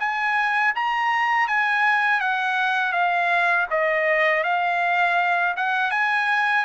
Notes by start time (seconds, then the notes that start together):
0.00 G#5
0.75 A#5
1.48 G#5
2.21 F#5
2.93 F5
3.71 D#5
4.44 F5
5.57 F#5
5.91 G#5